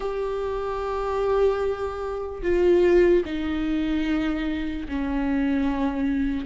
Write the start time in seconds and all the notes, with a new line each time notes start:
0.00 G4
2.42 F4
3.25 D#4
4.88 C#4